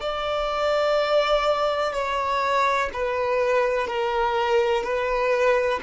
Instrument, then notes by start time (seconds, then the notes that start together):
violin
0.00 D5
1.93 C#5
2.93 B4
3.87 A#4
4.83 B4